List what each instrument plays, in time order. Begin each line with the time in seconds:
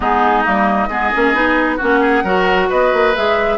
0.00 bassoon G#3, clarinet B3, oboe D#4, flute G#4
0.42 bassoon G3, clarinet A#3, flute D#5
0.88 bassoon G#3, clarinet B3, oboe G#4
1.13 bassoon A#3, clarinet C#4
1.33 bassoon B3, clarinet D#4
1.77 bassoon A#3, clarinet C#4, oboe F#4, flute F#5
2.01 oboe G#4
2.23 bassoon F#3, clarinet F#4, oboe A#4
2.69 bassoon B3, oboe B4, flute D#5
2.93 bassoon A#3
3.15 bassoon G#3, clarinet G#4, flute E5